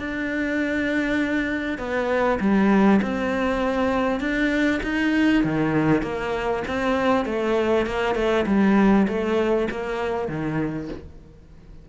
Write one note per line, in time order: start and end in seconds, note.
0.00 1.79 D4
1.79 2.39 B3
2.40 3.01 G3
3.02 4.21 C4
4.21 4.81 D4
4.83 5.44 D#4
5.44 6.03 D#3
6.03 6.63 A#3
6.68 7.26 C4
7.26 7.87 A3
7.87 8.15 A#3
8.15 8.46 A3
8.47 9.07 G3
9.08 9.69 A3
9.71 10.29 A#3
10.29 10.89 D#3